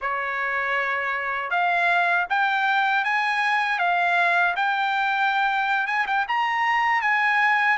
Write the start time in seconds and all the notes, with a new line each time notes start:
0.01 C#5
1.50 F5
2.29 G5
3.04 G#5
3.78 F5
4.56 G5
5.87 G#5
6.07 G5
6.28 A#5
7.01 G#5